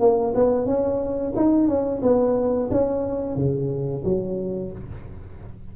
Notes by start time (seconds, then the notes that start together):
0.00 A#3
0.35 B3
0.66 C#4
1.36 D#4
1.68 C#4
2.03 B3
2.71 C#4
3.36 C#3
4.04 F#3